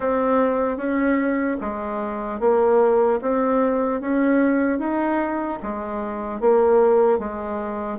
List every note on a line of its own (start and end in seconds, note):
0.00 0.77 C4
0.77 1.57 C#4
1.60 2.40 G#3
2.40 3.20 A#3
3.21 4.00 C4
4.00 4.79 C#4
4.79 5.59 D#4
5.62 6.40 G#3
6.40 7.18 A#3
7.18 7.98 G#3